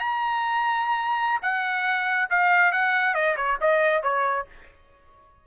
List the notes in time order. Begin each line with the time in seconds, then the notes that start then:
0.00 A#5
1.42 F#5
2.30 F5
2.72 F#5
3.15 D#5
3.37 C#5
3.61 D#5
4.03 C#5